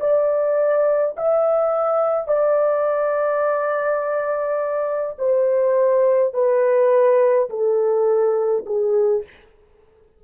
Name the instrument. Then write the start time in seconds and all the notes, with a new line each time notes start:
horn
0.00 D5
1.17 E5
2.27 D5
5.18 C5
6.34 B4
7.49 A4
8.66 G#4